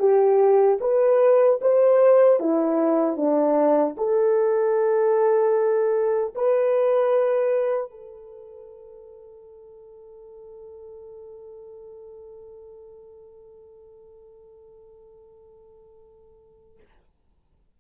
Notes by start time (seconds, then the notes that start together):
0.00 G4
0.81 B4
1.62 C5
2.40 E4
3.17 D4
3.98 A4
6.35 B4
7.91 A4